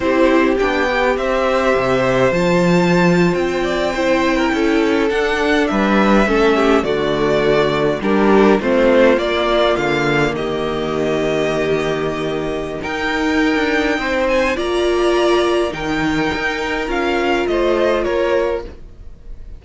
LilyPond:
<<
  \new Staff \with { instrumentName = "violin" } { \time 4/4 \tempo 4 = 103 c''4 g''4 e''2 | a''4.~ a''16 g''2~ g''16~ | g''8. fis''4 e''2 d''16~ | d''4.~ d''16 ais'4 c''4 d''16~ |
d''8. f''4 dis''2~ dis''16~ | dis''2 g''2~ | g''8 gis''8 ais''2 g''4~ | g''4 f''4 dis''4 cis''4 | }
  \new Staff \with { instrumentName = "violin" } { \time 4/4 g'2 c''2~ | c''2~ c''16 d''8 c''8. ais'16 a'16~ | a'4.~ a'16 b'4 a'8 g'8 fis'16~ | fis'4.~ fis'16 g'4 f'4~ f'16~ |
f'4.~ f'16 g'2~ g'16~ | g'2 ais'2 | c''4 d''2 ais'4~ | ais'2 c''4 ais'4 | }
  \new Staff \with { instrumentName = "viola" } { \time 4/4 e'4 d'8 g'2~ g'8 | f'2~ f'8. e'4~ e'16~ | e'8. d'2 cis'4 a16~ | a4.~ a16 d'4 c'4 ais16~ |
ais1~ | ais2 dis'2~ | dis'4 f'2 dis'4~ | dis'4 f'2. | }
  \new Staff \with { instrumentName = "cello" } { \time 4/4 c'4 b4 c'4 c4 | f4.~ f16 c'2 cis'16~ | cis'8. d'4 g4 a4 d16~ | d4.~ d16 g4 a4 ais16~ |
ais8. d4 dis2~ dis16~ | dis2 dis'4~ dis'16 d'8. | c'4 ais2 dis4 | dis'4 cis'4 a4 ais4 | }
>>